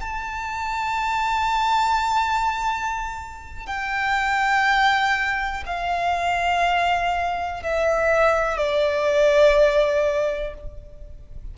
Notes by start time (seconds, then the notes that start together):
0.00 A5
3.66 G5
5.66 F5
7.62 E5
8.57 D5